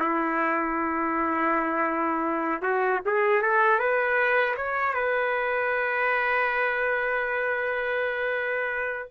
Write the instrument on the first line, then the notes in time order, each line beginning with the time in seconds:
trumpet
0.00 E4
2.62 F#4
3.06 G#4
3.42 A4
3.79 B4
4.57 C#5
4.94 B4